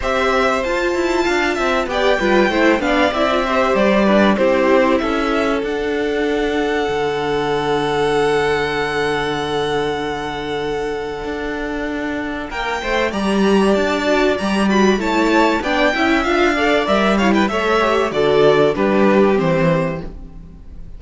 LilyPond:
<<
  \new Staff \with { instrumentName = "violin" } { \time 4/4 \tempo 4 = 96 e''4 a''2 g''4~ | g''8 f''8 e''4 d''4 c''4 | e''4 fis''2.~ | fis''1~ |
fis''1 | g''4 ais''4 a''4 ais''8 b''8 | a''4 g''4 f''4 e''8 f''16 g''16 | e''4 d''4 b'4 c''4 | }
  \new Staff \with { instrumentName = "violin" } { \time 4/4 c''2 f''8 e''8 d''8 b'8 | c''8 d''4 c''4 b'8 g'4 | a'1~ | a'1~ |
a'1 | ais'8 c''8 d''2. | cis''4 d''8 e''4 d''4 cis''16 b'16 | cis''4 a'4 g'2 | }
  \new Staff \with { instrumentName = "viola" } { \time 4/4 g'4 f'2 g'8 f'8 | e'8 d'8 e'16 f'16 g'4 d'8 e'4~ | e'4 d'2.~ | d'1~ |
d'1~ | d'4 g'4. fis'8 g'8 fis'8 | e'4 d'8 e'8 f'8 a'8 ais'8 e'8 | a'8 g'8 fis'4 d'4 c'4 | }
  \new Staff \with { instrumentName = "cello" } { \time 4/4 c'4 f'8 e'8 d'8 c'8 b8 g8 | a8 b8 c'4 g4 c'4 | cis'4 d'2 d4~ | d1~ |
d2 d'2 | ais8 a8 g4 d'4 g4 | a4 b8 cis'8 d'4 g4 | a4 d4 g4 e4 | }
>>